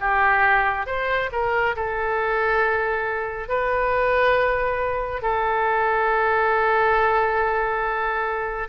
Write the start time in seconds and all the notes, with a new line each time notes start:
0.00 G4
0.86 C5
1.32 A#4
1.76 A4
3.49 B4
5.22 A4